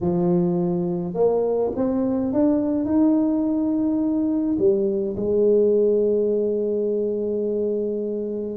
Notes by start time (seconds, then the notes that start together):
0.00 F3
1.14 A#3
1.75 C4
2.32 D4
2.85 D#4
4.58 G3
5.16 G#3